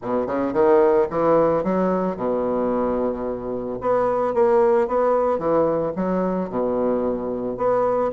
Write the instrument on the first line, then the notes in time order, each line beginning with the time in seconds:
bassoon
0.02 B2
0.27 C#3
0.53 D#3
1.10 E3
1.63 F#3
2.16 B2
3.81 B3
4.33 A#3
4.87 B3
5.38 E3
5.96 F#3
6.49 B2
7.57 B3